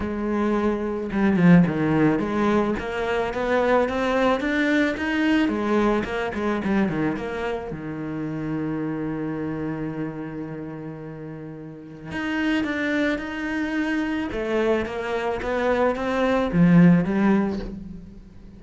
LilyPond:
\new Staff \with { instrumentName = "cello" } { \time 4/4 \tempo 4 = 109 gis2 g8 f8 dis4 | gis4 ais4 b4 c'4 | d'4 dis'4 gis4 ais8 gis8 | g8 dis8 ais4 dis2~ |
dis1~ | dis2 dis'4 d'4 | dis'2 a4 ais4 | b4 c'4 f4 g4 | }